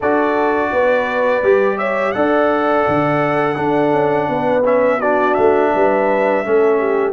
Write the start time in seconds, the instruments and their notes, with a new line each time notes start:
0.00 tuba D4, trombone F#4, horn A4, trumpet D5
0.72 tuba B3, horn B4
1.42 tuba G3, trombone G4
1.78 horn C#5, trumpet E5
2.12 tuba D4, trombone A4, horn D5, trumpet F#5
2.88 tuba D3
3.55 trombone D4, tuba D4, horn A4
3.92 tuba C#4
4.28 tuba B3, horn B4
4.64 trombone C#4, trumpet E5
4.98 trombone D4, horn F#4, trumpet D5
5.34 tuba A3, trumpet E5
5.74 tuba G3, horn B4
6.44 tuba A3, trombone C#4, horn A4
6.79 horn G4